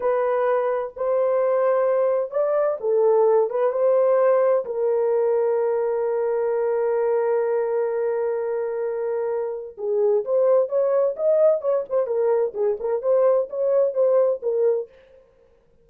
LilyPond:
\new Staff \with { instrumentName = "horn" } { \time 4/4 \tempo 4 = 129 b'2 c''2~ | c''4 d''4 a'4. b'8 | c''2 ais'2~ | ais'1~ |
ais'1~ | ais'4 gis'4 c''4 cis''4 | dis''4 cis''8 c''8 ais'4 gis'8 ais'8 | c''4 cis''4 c''4 ais'4 | }